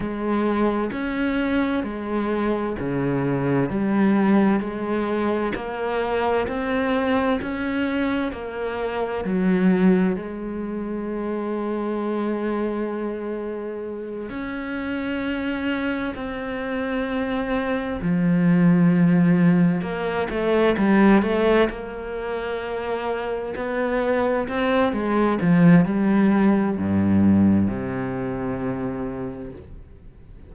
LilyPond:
\new Staff \with { instrumentName = "cello" } { \time 4/4 \tempo 4 = 65 gis4 cis'4 gis4 cis4 | g4 gis4 ais4 c'4 | cis'4 ais4 fis4 gis4~ | gis2.~ gis8 cis'8~ |
cis'4. c'2 f8~ | f4. ais8 a8 g8 a8 ais8~ | ais4. b4 c'8 gis8 f8 | g4 g,4 c2 | }